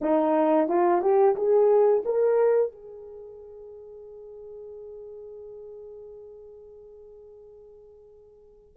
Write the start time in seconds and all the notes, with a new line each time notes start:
0.01 D#4
0.68 F4
1.01 G4
1.35 G#4
2.05 A#4
2.72 G#4